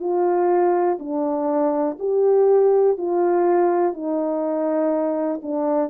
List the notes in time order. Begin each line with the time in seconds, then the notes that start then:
0.00 F4
0.99 D4
1.99 G4
2.97 F4
3.93 D#4
5.42 D4